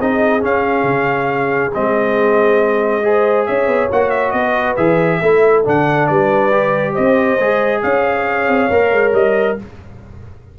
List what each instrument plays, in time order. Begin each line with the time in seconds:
0.00 tuba C4, trombone D#4, horn G#4, trumpet D#5
0.41 trombone C#4, tuba C#4, trumpet F5
0.83 tuba C#3
1.74 tuba G#3, trombone C4, trumpet D#5
3.03 trombone G#4, horn C5
3.46 tuba C#4, horn C#5, trumpet E5
3.67 tuba B3
3.92 tuba A#3, trombone F#4, trumpet F#5
4.10 trumpet E5
4.31 tuba B3, horn B4, trumpet D#5
4.77 tuba E3, trombone G#4, trumpet E5
5.22 tuba A3, trombone E4, horn A4
5.65 tuba D3, trombone D4, trumpet F#5
6.07 tuba G3, horn B4, trumpet D5
6.52 trombone G4
6.93 tuba C4, horn C5, trumpet D#5
7.39 tuba G#3, trombone G#4
7.83 tuba C#4, horn C#5, trumpet F5
8.48 tuba C4
8.70 tuba A#3, trombone A#4
8.92 tuba G#3
9.13 tuba G3, trumpet D#5